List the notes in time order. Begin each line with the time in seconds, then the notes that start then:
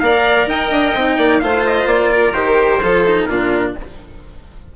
0.00 A#3 A#4 D5 F5
0.47 D#4 D#5 G5
0.71 D4
0.95 C4 D#4
1.17 A#3 D5
1.39 A3 F4 C5 F5
1.66 D#5
1.86 A#3 D5
2.13 A#4
2.33 D#3 G4 C5
2.82 F3 F4 A4
3.06 D#4
3.25 A#2 D4 F4 A#4